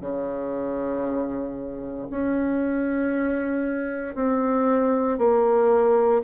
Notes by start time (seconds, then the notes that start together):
0.00 C#3
2.10 C#4
4.15 C4
5.18 A#3